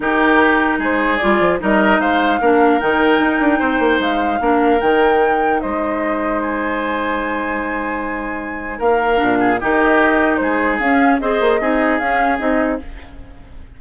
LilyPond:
<<
  \new Staff \with { instrumentName = "flute" } { \time 4/4 \tempo 4 = 150 ais'2 c''4 d''4 | dis''4 f''2 g''4~ | g''2 f''2 | g''2 dis''2 |
gis''1~ | gis''2 f''2 | dis''2 c''4 f''4 | dis''2 f''4 dis''4 | }
  \new Staff \with { instrumentName = "oboe" } { \time 4/4 g'2 gis'2 | ais'4 c''4 ais'2~ | ais'4 c''2 ais'4~ | ais'2 c''2~ |
c''1~ | c''2 ais'4. gis'8 | g'2 gis'2 | c''4 gis'2. | }
  \new Staff \with { instrumentName = "clarinet" } { \time 4/4 dis'2. f'4 | dis'2 d'4 dis'4~ | dis'2. d'4 | dis'1~ |
dis'1~ | dis'2. d'4 | dis'2. cis'4 | gis'4 dis'4 cis'4 dis'4 | }
  \new Staff \with { instrumentName = "bassoon" } { \time 4/4 dis2 gis4 g8 f8 | g4 gis4 ais4 dis4 | dis'8 d'8 c'8 ais8 gis4 ais4 | dis2 gis2~ |
gis1~ | gis2 ais4 ais,4 | dis2 gis4 cis'4 | c'8 ais8 c'4 cis'4 c'4 | }
>>